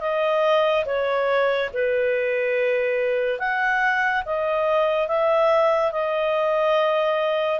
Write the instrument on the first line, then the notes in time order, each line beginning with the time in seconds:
clarinet
0.00 D#5
0.85 C#5
1.73 B4
3.39 F#5
4.25 D#5
5.07 E5
5.92 D#5